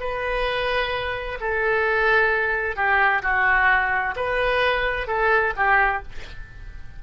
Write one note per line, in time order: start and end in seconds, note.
0.00 1.38 B4
1.40 2.76 A4
2.76 3.22 G4
3.22 4.15 F#4
4.15 5.07 B4
5.07 5.53 A4
5.56 6.03 G4